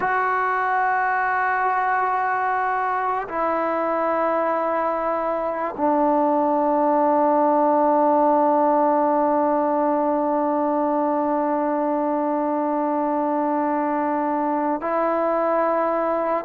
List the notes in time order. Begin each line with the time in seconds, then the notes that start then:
0.00 F#4
3.28 E4
5.77 D4
14.81 E4